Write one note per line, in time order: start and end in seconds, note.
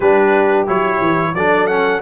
0.00 0.67 G3
0.00 0.66 D4
0.00 1.32 G4
0.00 0.67 B4
0.66 1.01 F#3
0.66 1.34 E4
0.66 1.34 C#5
1.01 1.34 E3
1.34 2.01 F#3
1.34 1.68 D4
1.34 2.01 A4
1.34 1.67 D5
1.67 2.01 C#4
1.67 2.00 F#5